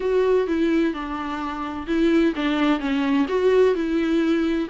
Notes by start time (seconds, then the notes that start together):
0.00 F#4
0.47 E4
0.93 D4
1.86 E4
2.35 D4
2.79 C#4
3.28 F#4
3.74 E4